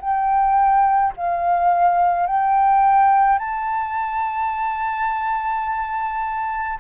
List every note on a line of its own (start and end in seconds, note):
0.00 1.13 G5
1.17 2.26 F5
2.26 3.39 G5
3.39 6.78 A5